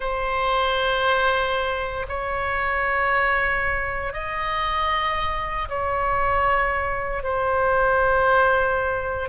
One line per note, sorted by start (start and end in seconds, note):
0.00 2.06 C5
2.08 4.13 C#5
4.13 5.68 D#5
5.68 7.23 C#5
7.23 9.28 C5